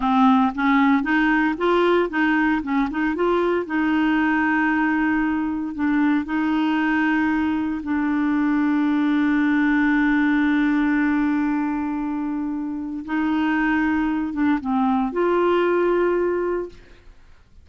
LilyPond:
\new Staff \with { instrumentName = "clarinet" } { \time 4/4 \tempo 4 = 115 c'4 cis'4 dis'4 f'4 | dis'4 cis'8 dis'8 f'4 dis'4~ | dis'2. d'4 | dis'2. d'4~ |
d'1~ | d'1~ | d'4 dis'2~ dis'8 d'8 | c'4 f'2. | }